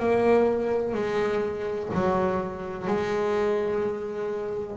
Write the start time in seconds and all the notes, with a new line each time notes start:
0.00 A#3
0.94 G#3
1.94 F#3
2.87 G#3